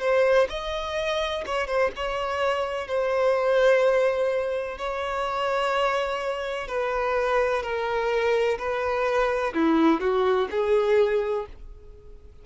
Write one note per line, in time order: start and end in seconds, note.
0.00 0.48 C5
0.49 1.45 D#5
1.46 1.68 C#5
1.68 1.91 C5
1.96 2.87 C#5
2.87 4.78 C5
4.78 6.68 C#5
6.68 7.63 B4
7.63 8.58 A#4
8.58 9.54 B4
9.54 10.00 E4
10.00 10.48 F#4
10.51 11.46 G#4